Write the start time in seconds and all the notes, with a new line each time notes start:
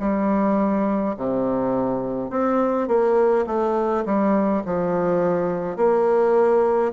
0.00 G3
1.17 C3
2.30 C4
2.88 A#3
3.47 A3
4.05 G3
4.66 F3
5.77 A#3